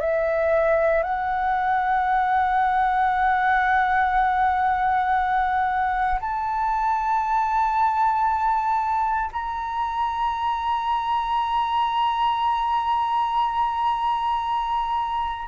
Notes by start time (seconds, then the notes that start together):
0.00 E5
1.03 F#5
6.20 A5
9.32 A#5